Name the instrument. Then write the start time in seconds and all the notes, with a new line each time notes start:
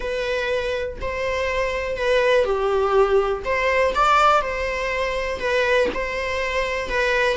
viola
0.00 B4
1.01 C5
1.96 B4
2.44 G4
3.44 C5
3.95 D5
4.42 C5
5.39 B4
5.94 C5
6.89 B4